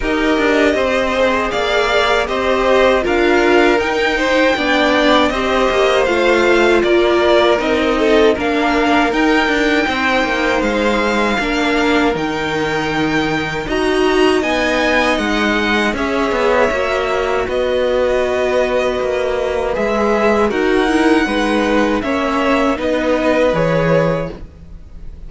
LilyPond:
<<
  \new Staff \with { instrumentName = "violin" } { \time 4/4 \tempo 4 = 79 dis''2 f''4 dis''4 | f''4 g''2 dis''4 | f''4 d''4 dis''4 f''4 | g''2 f''2 |
g''2 ais''4 gis''4 | fis''4 e''2 dis''4~ | dis''2 e''4 fis''4~ | fis''4 e''4 dis''4 cis''4 | }
  \new Staff \with { instrumentName = "violin" } { \time 4/4 ais'4 c''4 d''4 c''4 | ais'4. c''8 d''4 c''4~ | c''4 ais'4. a'8 ais'4~ | ais'4 c''2 ais'4~ |
ais'2 dis''2~ | dis''4 cis''2 b'4~ | b'2. ais'4 | b'4 cis''4 b'2 | }
  \new Staff \with { instrumentName = "viola" } { \time 4/4 g'4. gis'4. g'4 | f'4 dis'4 d'4 g'4 | f'2 dis'4 d'4 | dis'2. d'4 |
dis'2 fis'4 dis'4~ | dis'4 gis'4 fis'2~ | fis'2 gis'4 fis'8 e'8 | dis'4 cis'4 dis'4 gis'4 | }
  \new Staff \with { instrumentName = "cello" } { \time 4/4 dis'8 d'8 c'4 ais4 c'4 | d'4 dis'4 b4 c'8 ais8 | a4 ais4 c'4 ais4 | dis'8 d'8 c'8 ais8 gis4 ais4 |
dis2 dis'4 b4 | gis4 cis'8 b8 ais4 b4~ | b4 ais4 gis4 dis'4 | gis4 ais4 b4 e4 | }
>>